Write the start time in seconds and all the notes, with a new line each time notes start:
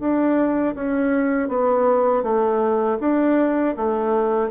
0.00 D4
0.75 C#4
1.49 B3
2.23 A3
3.01 D4
3.77 A3